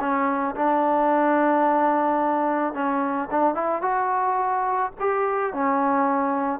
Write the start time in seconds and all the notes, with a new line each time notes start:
0.00 C#4
0.56 D4
2.74 C#4
3.31 D4
3.55 E4
3.82 F#4
4.99 G4
5.53 C#4